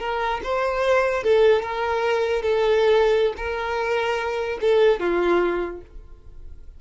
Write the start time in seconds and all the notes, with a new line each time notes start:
0.00 A#4
0.43 C5
1.23 A4
1.62 A#4
2.42 A4
3.37 A#4
4.61 A4
5.00 F4